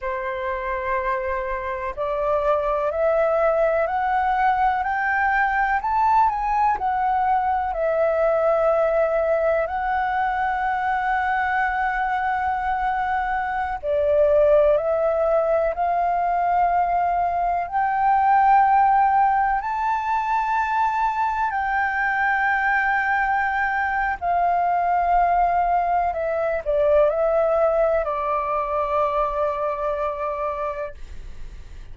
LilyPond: \new Staff \with { instrumentName = "flute" } { \time 4/4 \tempo 4 = 62 c''2 d''4 e''4 | fis''4 g''4 a''8 gis''8 fis''4 | e''2 fis''2~ | fis''2~ fis''16 d''4 e''8.~ |
e''16 f''2 g''4.~ g''16~ | g''16 a''2 g''4.~ g''16~ | g''4 f''2 e''8 d''8 | e''4 d''2. | }